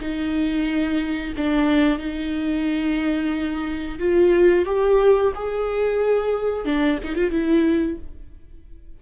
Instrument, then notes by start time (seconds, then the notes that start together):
viola
0.00 D#4
1.37 D4
1.99 D#4
3.99 F4
4.65 G4
5.35 G#4
6.65 D4
7.04 D#4
7.15 F4
7.31 E4